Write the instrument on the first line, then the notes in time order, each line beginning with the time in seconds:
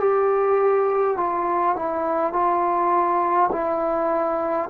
trombone
0.00 G4
1.17 F4
1.76 E4
2.33 F4
3.52 E4